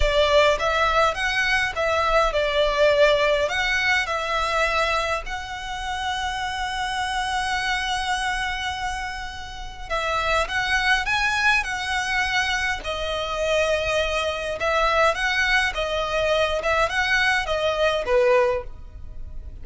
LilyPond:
\new Staff \with { instrumentName = "violin" } { \time 4/4 \tempo 4 = 103 d''4 e''4 fis''4 e''4 | d''2 fis''4 e''4~ | e''4 fis''2.~ | fis''1~ |
fis''4 e''4 fis''4 gis''4 | fis''2 dis''2~ | dis''4 e''4 fis''4 dis''4~ | dis''8 e''8 fis''4 dis''4 b'4 | }